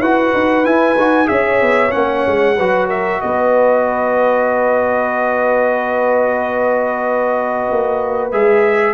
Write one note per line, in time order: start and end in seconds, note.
0.00 0.32 E4
0.00 0.64 F#4
0.00 1.28 B4
0.00 0.65 F#5
0.33 0.65 D#4
0.64 0.96 E4
0.64 1.28 G#5
0.96 1.28 D#4
0.96 1.25 F#4
1.25 1.61 C#4
1.25 1.89 G#4
1.25 2.56 C#5
1.25 1.91 E5
1.61 1.93 B3
1.91 2.26 A#3
1.91 2.55 C#4
1.91 2.87 F#5
2.27 2.58 G#3
2.56 3.22 F#3
2.56 8.32 F#4
2.56 2.88 B4
2.88 3.20 A#4
2.88 3.20 E5
3.20 7.69 B3
3.20 8.94 B4
3.20 8.31 D#5
7.71 8.32 A#3
8.32 8.94 G#3
8.32 8.94 G#4
8.32 8.94 E5